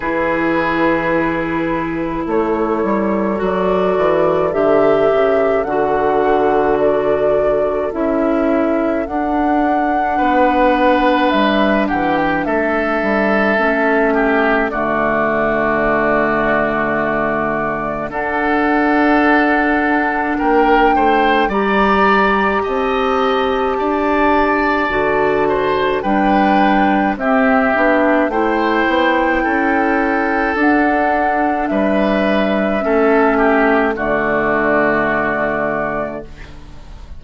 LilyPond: <<
  \new Staff \with { instrumentName = "flute" } { \time 4/4 \tempo 4 = 53 b'2 cis''4 d''4 | e''4 fis''4 d''4 e''4 | fis''2 e''8 fis''16 g''16 e''4~ | e''4 d''2. |
fis''2 g''4 ais''4 | a''2. g''4 | e''4 g''2 fis''4 | e''2 d''2 | }
  \new Staff \with { instrumentName = "oboe" } { \time 4/4 gis'2 a'2~ | a'1~ | a'4 b'4. g'8 a'4~ | a'8 g'8 fis'2. |
a'2 ais'8 c''8 d''4 | dis''4 d''4. c''8 b'4 | g'4 c''4 a'2 | b'4 a'8 g'8 fis'2 | }
  \new Staff \with { instrumentName = "clarinet" } { \time 4/4 e'2. fis'4 | g'4 fis'2 e'4 | d'1 | cis'4 a2. |
d'2. g'4~ | g'2 fis'4 d'4 | c'8 d'8 e'2 d'4~ | d'4 cis'4 a2 | }
  \new Staff \with { instrumentName = "bassoon" } { \time 4/4 e2 a8 g8 fis8 e8 | d8 cis8 d2 cis'4 | d'4 b4 g8 e8 a8 g8 | a4 d2. |
d'2 ais8 a8 g4 | c'4 d'4 d4 g4 | c'8 b8 a8 b8 cis'4 d'4 | g4 a4 d2 | }
>>